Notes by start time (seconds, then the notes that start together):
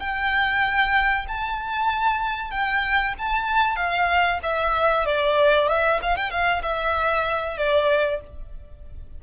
0.00 G5
1.29 A5
2.51 G5
3.19 A5
3.77 F5
4.43 E5
5.06 D5
5.69 E5
6.02 F5
6.17 G5
6.31 F5
6.63 E5
7.58 D5